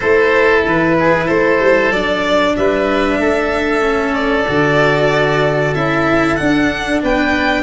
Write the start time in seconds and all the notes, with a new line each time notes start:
0.00 A3 E4 A4 C5
0.65 E3 B4
0.99 G#4
1.25 A3 A4 C5
1.60 G3
1.91 F#3 D4 D5
2.56 G3 B4 E5
3.18 A3 A4
3.81 C#4
4.14 D5
4.48 D3 F#4
5.74 C#4 E4 E5
6.36 D4 F#5
7.03 B3 B4 G5